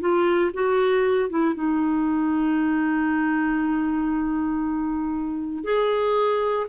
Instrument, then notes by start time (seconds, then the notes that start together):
clarinet
0.00 F4
0.54 F#4
1.30 E4
1.55 D#4
5.64 G#4